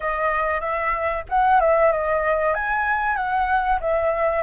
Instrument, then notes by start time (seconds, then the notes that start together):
flute
0.00 D#5
0.60 E5
1.29 F#5
1.60 E5
1.91 D#5
2.54 G#5
3.16 F#5
3.80 E5